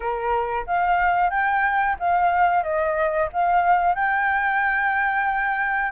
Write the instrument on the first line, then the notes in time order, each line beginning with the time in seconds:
flute
0.00 A#4
0.66 F5
1.30 G5
1.99 F5
2.63 D#5
3.33 F5
3.95 G5